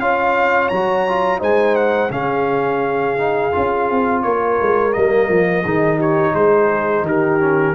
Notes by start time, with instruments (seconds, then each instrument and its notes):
0.00 tuba C#4, trombone F4, horn C#5, trumpet F5
0.69 tuba F#3, trombone F#4, trumpet A#5
1.09 trombone F4
1.39 tuba G#3, trombone D#4, horn C5, trumpet G#5
1.76 trumpet F#5
2.11 tuba C#3, trombone C#4, horn G#4, trumpet F5
3.18 trombone D#4
3.52 tuba C#4, trombone F4
3.91 tuba C4
4.23 tuba A#3, horn A#4, trumpet C#5
4.61 tuba G#3
4.93 tuba G3, trombone A#3, trumpet D#5
5.29 tuba F3
5.65 tuba D#3, trombone D#4, horn G#4
5.97 horn G4, trumpet C#5
6.34 tuba G#3, horn G#4, trumpet C5
7.02 tuba D#3, horn G4
7.08 trumpet A#4
7.40 trombone C#4